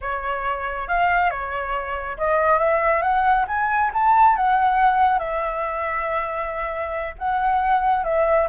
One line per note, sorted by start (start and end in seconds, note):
0.01 0.88 C#5
0.88 1.30 F5
1.30 2.17 C#5
2.17 2.58 D#5
2.58 3.02 E5
3.02 3.45 F#5
3.47 3.91 G#5
3.93 4.36 A5
4.36 5.18 F#5
5.18 7.14 E5
7.18 8.04 F#5
8.04 8.47 E5